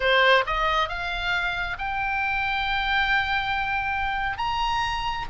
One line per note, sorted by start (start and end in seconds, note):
0.00 0.44 C5
0.46 0.88 D#5
0.88 1.77 F5
1.78 4.37 G5
4.37 5.26 A#5